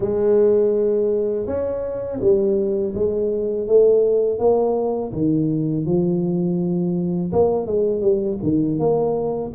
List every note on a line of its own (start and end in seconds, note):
0.00 1.46 G#3
1.46 2.20 C#4
2.20 2.93 G3
2.94 3.67 G#3
3.67 4.38 A3
4.38 5.12 A#3
5.12 5.85 D#3
5.85 7.32 F3
7.32 7.66 A#3
7.66 8.01 G#3
8.01 8.37 G3
8.42 8.79 D#3
8.79 9.52 A#3